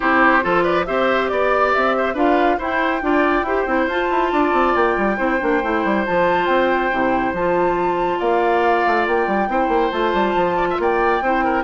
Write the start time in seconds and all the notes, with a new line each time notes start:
0.00 C4 E4 G4 C5
0.41 F3 F4 A4
0.63 B4 D5
0.85 C4 G4 C5 E5
1.28 B3 D5
1.73 C4 E5
1.96 C5
2.13 D4 F4 B4 F5
2.58 E4 C5 G5
3.01 D4 F4 D5
3.42 E4 G4 C5
3.66 C4 E4
3.86 F4 A5
4.10 E4
4.32 D4 D5
4.52 C4
4.75 A#3 G5
4.97 G3
5.17 C4 E4 C5
5.40 A#3 D4
5.62 A3 E4
5.84 G3
6.06 F3 F4 A5
6.46 C4 G5
6.91 C3 E4
7.33 F3 F4 A5
8.19 A#3 D5 F5
8.87 A3
9.06 A#3 G5
9.27 G3
9.48 C4 E4 C5
9.68 A#3
9.91 A3 F4 A5
10.13 G3
10.34 F3
10.56 D5
10.70 E5
10.78 A#3 D5 G5
11.21 C4 E4 C5
11.44 A#4